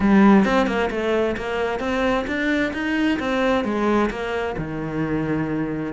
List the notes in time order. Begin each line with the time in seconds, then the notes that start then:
0.00 G3
0.44 C4
0.66 A#3
0.90 A3
1.36 A#3
1.79 C4
2.27 D4
2.73 D#4
3.19 C4
3.64 G#3
4.10 A#3
4.58 D#3